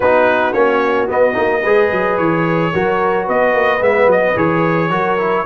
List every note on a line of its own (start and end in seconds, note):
0.00 0.53 B3
0.00 0.53 D#4
0.00 1.61 F#4
0.00 0.52 B4
0.52 1.08 A#3
0.52 1.07 C#4
0.52 1.07 C#5
1.07 1.33 B3
1.07 1.36 B3
1.07 2.17 D#5
1.33 1.64 A#3
1.33 1.60 D#4
1.61 1.91 G#3
1.61 2.73 G#4
1.61 2.70 B4
1.91 2.18 F#3
2.17 2.73 E3
2.17 3.26 C#5
2.73 3.28 F#3
2.73 3.80 F#4
2.73 3.24 A#4
3.24 3.54 B3
3.24 4.88 B4
3.24 3.82 D#5
3.54 3.81 A#3
3.80 4.06 G#3
3.80 4.34 B3
3.80 4.10 E5
4.06 4.34 F#3
4.06 4.37 D#5
4.35 4.90 E3
4.35 4.90 G#4
4.35 5.45 C#5
4.90 5.44 F#3
4.90 5.17 F#4
4.90 5.44 A#4
5.18 5.45 E4